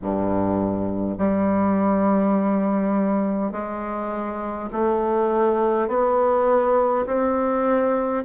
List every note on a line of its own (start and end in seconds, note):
0.01 1.18 G2
1.18 3.51 G3
3.51 4.69 G#3
4.72 5.88 A3
5.88 7.05 B3
7.06 8.24 C4